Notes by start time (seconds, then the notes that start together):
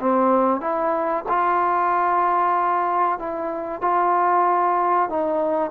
0.00 C4
0.61 E4
1.29 F4
3.19 E4
3.82 F4
5.10 D#4